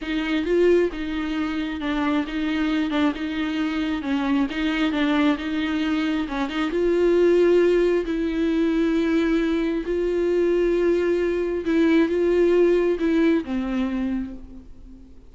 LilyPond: \new Staff \with { instrumentName = "viola" } { \time 4/4 \tempo 4 = 134 dis'4 f'4 dis'2 | d'4 dis'4. d'8 dis'4~ | dis'4 cis'4 dis'4 d'4 | dis'2 cis'8 dis'8 f'4~ |
f'2 e'2~ | e'2 f'2~ | f'2 e'4 f'4~ | f'4 e'4 c'2 | }